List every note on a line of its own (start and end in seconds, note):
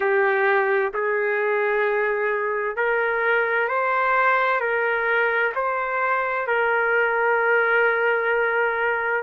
0.00 0.92 G4
0.93 2.76 G#4
2.76 3.68 A#4
3.68 4.60 C5
4.60 5.53 A#4
5.55 6.47 C5
6.47 9.23 A#4